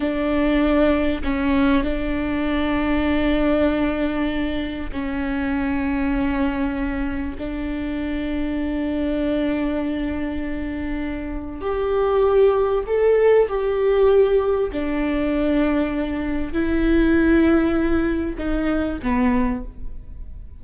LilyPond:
\new Staff \with { instrumentName = "viola" } { \time 4/4 \tempo 4 = 98 d'2 cis'4 d'4~ | d'1 | cis'1 | d'1~ |
d'2. g'4~ | g'4 a'4 g'2 | d'2. e'4~ | e'2 dis'4 b4 | }